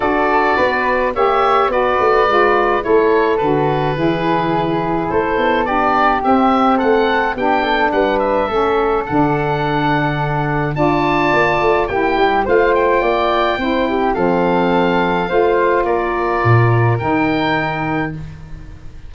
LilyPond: <<
  \new Staff \with { instrumentName = "oboe" } { \time 4/4 \tempo 4 = 106 d''2 e''4 d''4~ | d''4 cis''4 b'2~ | b'4 c''4 d''4 e''4 | fis''4 g''4 fis''8 e''4. |
fis''2. a''4~ | a''4 g''4 f''8 g''4.~ | g''4 f''2. | d''2 g''2 | }
  \new Staff \with { instrumentName = "flute" } { \time 4/4 a'4 b'4 cis''4 b'4~ | b'4 a'2 gis'4~ | gis'4 a'4 g'2 | a'4 g'8 a'8 b'4 a'4~ |
a'2. d''4~ | d''4 g'4 c''4 d''4 | c''8 g'8 a'2 c''4 | ais'1 | }
  \new Staff \with { instrumentName = "saxophone" } { \time 4/4 fis'2 g'4 fis'4 | f'4 e'4 fis'4 e'4~ | e'2 d'4 c'4~ | c'4 d'2 cis'4 |
d'2. f'4~ | f'4 e'4 f'2 | e'4 c'2 f'4~ | f'2 dis'2 | }
  \new Staff \with { instrumentName = "tuba" } { \time 4/4 d'4 b4 ais4 b8 a8 | gis4 a4 d4 e4~ | e4 a8 b4. c'4 | a4 b4 g4 a4 |
d2. d'4 | ais8 a8 ais8 g8 a4 ais4 | c'4 f2 a4 | ais4 ais,4 dis2 | }
>>